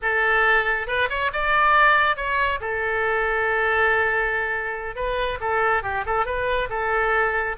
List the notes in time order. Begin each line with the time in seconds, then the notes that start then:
0.02 A4
0.87 B4
1.09 C#5
1.32 D5
2.16 C#5
2.60 A4
4.95 B4
5.40 A4
5.82 G4
6.06 A4
6.25 B4
6.69 A4